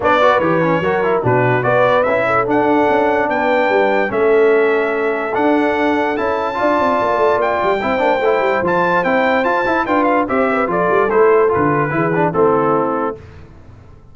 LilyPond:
<<
  \new Staff \with { instrumentName = "trumpet" } { \time 4/4 \tempo 4 = 146 d''4 cis''2 b'4 | d''4 e''4 fis''2 | g''2 e''2~ | e''4 fis''2 a''4~ |
a''2 g''2~ | g''4 a''4 g''4 a''4 | g''8 f''8 e''4 d''4 c''4 | b'2 a'2 | }
  \new Staff \with { instrumentName = "horn" } { \time 4/4 cis''8 b'4. ais'4 fis'4 | b'4. a'2~ a'8 | b'2 a'2~ | a'1 |
d''2. c''4~ | c''1 | b'4 c''8 b'8 a'2~ | a'4 gis'4 e'2 | }
  \new Staff \with { instrumentName = "trombone" } { \time 4/4 d'8 fis'8 g'8 cis'8 fis'8 e'8 d'4 | fis'4 e'4 d'2~ | d'2 cis'2~ | cis'4 d'2 e'4 |
f'2. e'8 d'8 | e'4 f'4 e'4 f'8 e'8 | f'4 g'4 f'4 e'4 | f'4 e'8 d'8 c'2 | }
  \new Staff \with { instrumentName = "tuba" } { \time 4/4 b4 e4 fis4 b,4 | b4 cis'4 d'4 cis'4 | b4 g4 a2~ | a4 d'2 cis'4 |
d'8 c'8 ais8 a8 ais8 g8 c'8 ais8 | a8 g8 f4 c'4 f'8 e'8 | d'4 c'4 f8 g8 a4 | d4 e4 a2 | }
>>